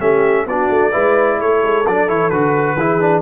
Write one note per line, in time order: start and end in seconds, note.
0.00 0.46 A3
0.00 0.47 C#4
0.00 0.46 G4
0.00 0.47 E5
0.46 0.69 B3
0.46 0.92 D4
0.46 0.92 F#4
0.46 1.41 D5
0.69 0.92 A3
0.92 1.40 G#3
0.92 1.85 E4
0.92 1.39 B4
1.39 1.63 A3
1.39 2.77 A4
1.39 1.87 C#5
1.64 1.86 G#3
1.86 2.08 F#3
1.86 2.08 D4
1.86 2.10 D5
2.08 2.31 E3
2.08 2.31 E4
2.08 2.30 C#5
2.30 2.76 D3
2.30 2.78 F#4
2.30 3.22 B4
2.76 3.22 E3
2.76 3.00 E4
2.76 3.22 G#4
3.00 3.22 D4